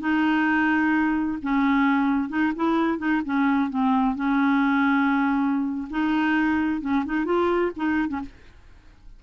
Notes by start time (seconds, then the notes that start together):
0.00 D#4
1.42 C#4
2.29 D#4
2.56 E4
2.99 D#4
3.25 C#4
3.70 C4
4.16 C#4
5.90 D#4
6.81 C#4
7.06 D#4
7.25 F4
7.76 D#4
8.09 C#4